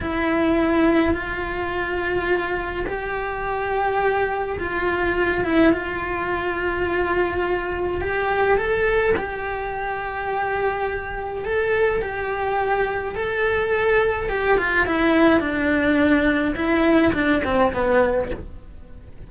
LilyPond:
\new Staff \with { instrumentName = "cello" } { \time 4/4 \tempo 4 = 105 e'2 f'2~ | f'4 g'2. | f'4. e'8 f'2~ | f'2 g'4 a'4 |
g'1 | a'4 g'2 a'4~ | a'4 g'8 f'8 e'4 d'4~ | d'4 e'4 d'8 c'8 b4 | }